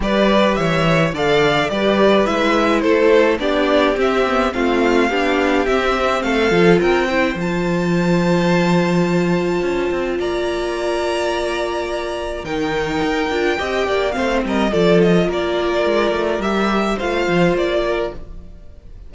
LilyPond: <<
  \new Staff \with { instrumentName = "violin" } { \time 4/4 \tempo 4 = 106 d''4 e''4 f''4 d''4 | e''4 c''4 d''4 e''4 | f''2 e''4 f''4 | g''4 a''2.~ |
a''2 ais''2~ | ais''2 g''2~ | g''4 f''8 dis''8 d''8 dis''8 d''4~ | d''4 e''4 f''4 d''4 | }
  \new Staff \with { instrumentName = "violin" } { \time 4/4 b'4 cis''4 d''4 b'4~ | b'4 a'4 g'2 | f'4 g'2 a'4 | ais'8 c''2.~ c''8~ |
c''2 d''2~ | d''2 ais'2 | dis''8 d''8 c''8 ais'8 a'4 ais'4~ | ais'2 c''4. ais'8 | }
  \new Staff \with { instrumentName = "viola" } { \time 4/4 g'2 a'4 g'4 | e'2 d'4 c'8 b8 | c'4 d'4 c'4. f'8~ | f'8 e'8 f'2.~ |
f'1~ | f'2 dis'4. f'8 | g'4 c'4 f'2~ | f'4 g'4 f'2 | }
  \new Staff \with { instrumentName = "cello" } { \time 4/4 g4 e4 d4 g4 | gis4 a4 b4 c'4 | a4 b4 c'4 a8 f8 | c'4 f2.~ |
f4 cis'8 c'8 ais2~ | ais2 dis4 dis'8 d'8 | c'8 ais8 a8 g8 f4 ais4 | gis8 a8 g4 a8 f8 ais4 | }
>>